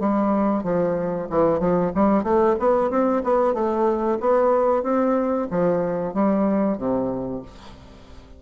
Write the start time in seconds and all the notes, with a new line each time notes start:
0.00 G3
0.63 F3
1.30 E3
1.59 F3
1.95 G3
2.23 A3
2.60 B3
2.90 C4
3.24 B3
3.54 A3
4.20 B3
4.83 C4
5.51 F3
6.14 G3
6.78 C3